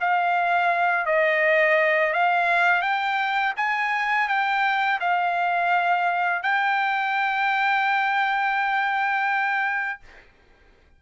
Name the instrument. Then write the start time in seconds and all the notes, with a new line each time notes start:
trumpet
0.00 F5
1.06 D#5
2.13 F5
2.81 G5
3.56 G#5
4.28 G5
5.00 F5
6.42 G5